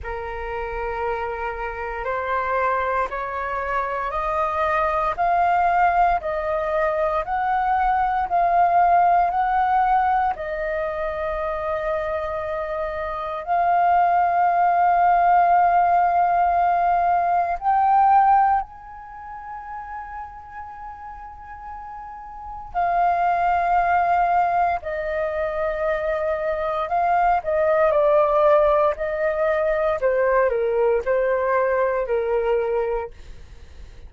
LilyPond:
\new Staff \with { instrumentName = "flute" } { \time 4/4 \tempo 4 = 58 ais'2 c''4 cis''4 | dis''4 f''4 dis''4 fis''4 | f''4 fis''4 dis''2~ | dis''4 f''2.~ |
f''4 g''4 gis''2~ | gis''2 f''2 | dis''2 f''8 dis''8 d''4 | dis''4 c''8 ais'8 c''4 ais'4 | }